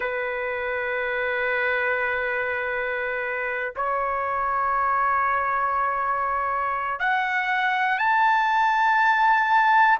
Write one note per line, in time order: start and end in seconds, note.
0.00 3.73 B4
3.75 6.99 C#5
6.99 7.98 F#5
7.98 9.98 A5